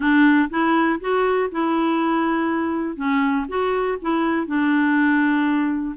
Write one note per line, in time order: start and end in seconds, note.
0.00 0.49 D4
0.50 0.99 E4
1.00 1.50 F#4
1.51 2.96 E4
2.96 3.46 C#4
3.48 3.98 F#4
4.01 4.47 E4
4.47 5.95 D4